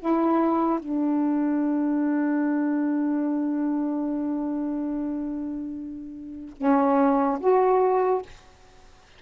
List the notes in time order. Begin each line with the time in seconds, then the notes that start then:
0.00 E4
0.80 D4
6.57 C#4
7.40 F#4